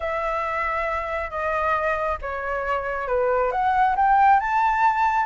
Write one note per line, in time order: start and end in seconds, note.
0.00 1.30 E5
1.30 2.18 D#5
2.21 3.07 C#5
3.07 3.51 B4
3.51 3.95 F#5
3.96 4.40 G5
4.40 5.26 A5